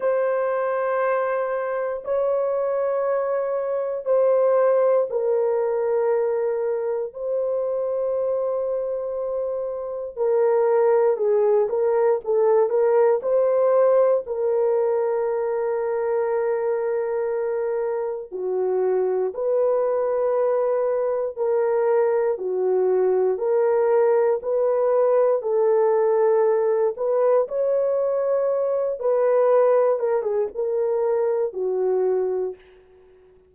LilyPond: \new Staff \with { instrumentName = "horn" } { \time 4/4 \tempo 4 = 59 c''2 cis''2 | c''4 ais'2 c''4~ | c''2 ais'4 gis'8 ais'8 | a'8 ais'8 c''4 ais'2~ |
ais'2 fis'4 b'4~ | b'4 ais'4 fis'4 ais'4 | b'4 a'4. b'8 cis''4~ | cis''8 b'4 ais'16 gis'16 ais'4 fis'4 | }